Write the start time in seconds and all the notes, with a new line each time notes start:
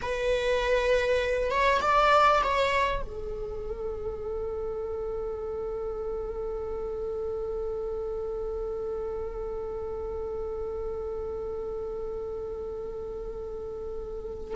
0.02 B4
1.50 C#5
1.81 D5
2.43 C#5
3.02 A4